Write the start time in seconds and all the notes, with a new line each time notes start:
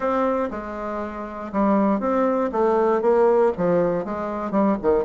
0.00 C4
0.50 G#3
1.52 G3
2.00 C4
2.52 A3
3.01 A#3
3.57 F3
4.04 G#3
4.51 G3
4.82 D#3